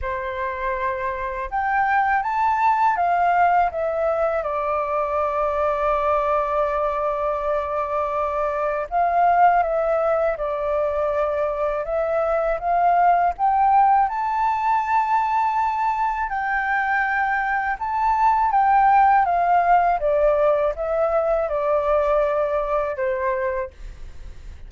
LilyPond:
\new Staff \with { instrumentName = "flute" } { \time 4/4 \tempo 4 = 81 c''2 g''4 a''4 | f''4 e''4 d''2~ | d''1 | f''4 e''4 d''2 |
e''4 f''4 g''4 a''4~ | a''2 g''2 | a''4 g''4 f''4 d''4 | e''4 d''2 c''4 | }